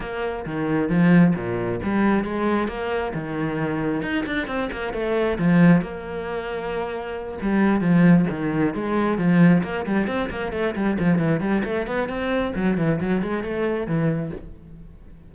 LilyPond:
\new Staff \with { instrumentName = "cello" } { \time 4/4 \tempo 4 = 134 ais4 dis4 f4 ais,4 | g4 gis4 ais4 dis4~ | dis4 dis'8 d'8 c'8 ais8 a4 | f4 ais2.~ |
ais8 g4 f4 dis4 gis8~ | gis8 f4 ais8 g8 c'8 ais8 a8 | g8 f8 e8 g8 a8 b8 c'4 | fis8 e8 fis8 gis8 a4 e4 | }